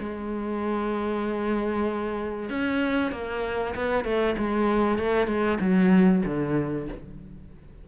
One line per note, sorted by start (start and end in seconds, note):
0.00 2.50 G#3
2.50 3.12 C#4
3.12 3.75 A#3
3.76 4.05 B3
4.05 4.36 A3
4.38 4.99 G#3
4.99 5.28 A3
5.28 5.59 G#3
5.61 6.23 F#3
6.26 6.88 D3